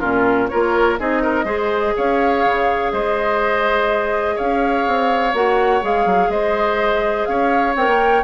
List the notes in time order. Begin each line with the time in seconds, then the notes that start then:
0.00 A#2 C#4 F4 A#4
0.49 A#3 F4 A#4 C#5
0.99 C4 D#4 G#4 D#5
1.22 A#4
1.45 G#3 G#4 C5
1.97 C#4 C#5 F5
2.46 C#3
2.93 G#3 C5 D#5
4.36 C#4 C#5 F5
4.87 C4
5.34 A#3 F#4 F#5
5.82 G#3 G#4 F5
6.06 F#3
6.29 G#3 C5 D#5
7.26 C#4 C#5 F5
7.76 C4 A#4 G5
7.87 A#3